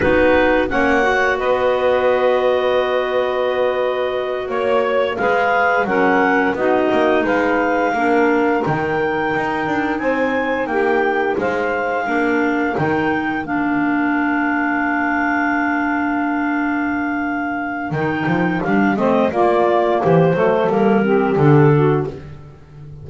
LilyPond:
<<
  \new Staff \with { instrumentName = "clarinet" } { \time 4/4 \tempo 4 = 87 b'4 fis''4 dis''2~ | dis''2~ dis''8 cis''4 f''8~ | f''8 fis''4 dis''4 f''4.~ | f''8 g''2 gis''4 g''8~ |
g''8 f''2 g''4 f''8~ | f''1~ | f''2 g''4 f''8 dis''8 | d''4 c''4 ais'4 a'4 | }
  \new Staff \with { instrumentName = "saxophone" } { \time 4/4 fis'4 cis''4 b'2~ | b'2~ b'8 cis''4 b'8~ | b'8 ais'4 fis'4 b'4 ais'8~ | ais'2~ ais'8 c''4 g'8~ |
g'8 c''4 ais'2~ ais'8~ | ais'1~ | ais'2.~ ais'8 c''8 | f'4 g'8 a'4 g'4 fis'8 | }
  \new Staff \with { instrumentName = "clarinet" } { \time 4/4 dis'4 cis'8 fis'2~ fis'8~ | fis'2.~ fis'8 gis'8~ | gis'8 cis'4 dis'2 d'8~ | d'8 dis'2.~ dis'8~ |
dis'4. d'4 dis'4 d'8~ | d'1~ | d'2 dis'4 d'8 c'8 | ais4. a8 ais8 c'8 d'4 | }
  \new Staff \with { instrumentName = "double bass" } { \time 4/4 b4 ais4 b2~ | b2~ b8 ais4 gis8~ | gis8 fis4 b8 ais8 gis4 ais8~ | ais8 dis4 dis'8 d'8 c'4 ais8~ |
ais8 gis4 ais4 dis4 ais8~ | ais1~ | ais2 dis8 f8 g8 a8 | ais4 e8 fis8 g4 d4 | }
>>